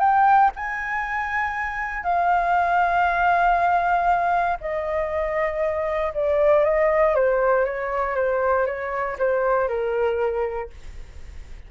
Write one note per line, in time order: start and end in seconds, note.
0.00 0.51 G5
0.56 2.03 G#5
2.03 4.58 F5
4.60 6.13 D#5
6.14 6.64 D5
6.64 7.15 D#5
7.15 7.65 C5
7.65 8.15 C#5
8.15 8.66 C5
8.66 9.17 C#5
9.19 9.68 C5
9.68 10.70 A#4